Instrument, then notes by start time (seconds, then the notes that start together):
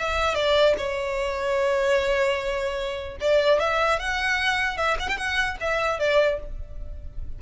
violin
0.00 E5
0.35 D5
0.78 C#5
3.21 D5
3.60 E5
4.00 F#5
4.78 E5
5.00 F#5
5.09 G5
5.18 F#5
5.61 E5
6.00 D5